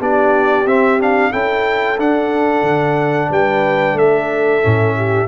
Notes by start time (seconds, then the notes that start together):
0.00 B3 D4 G4 D5
0.66 C4 E5
1.00 D4 F5
1.32 C#4 E4 A4 G5
1.99 D4 F#5
2.63 D3
3.31 G3 B4 G5
3.93 A3 A4 E5
4.62 A2 C#4
4.97 G4